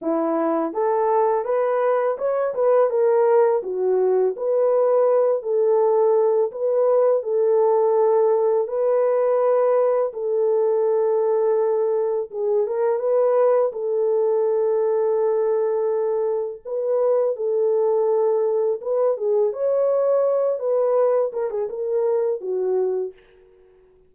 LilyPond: \new Staff \with { instrumentName = "horn" } { \time 4/4 \tempo 4 = 83 e'4 a'4 b'4 cis''8 b'8 | ais'4 fis'4 b'4. a'8~ | a'4 b'4 a'2 | b'2 a'2~ |
a'4 gis'8 ais'8 b'4 a'4~ | a'2. b'4 | a'2 b'8 gis'8 cis''4~ | cis''8 b'4 ais'16 gis'16 ais'4 fis'4 | }